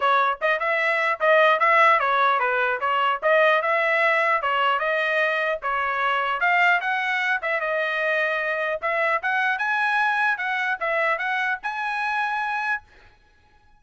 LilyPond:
\new Staff \with { instrumentName = "trumpet" } { \time 4/4 \tempo 4 = 150 cis''4 dis''8 e''4. dis''4 | e''4 cis''4 b'4 cis''4 | dis''4 e''2 cis''4 | dis''2 cis''2 |
f''4 fis''4. e''8 dis''4~ | dis''2 e''4 fis''4 | gis''2 fis''4 e''4 | fis''4 gis''2. | }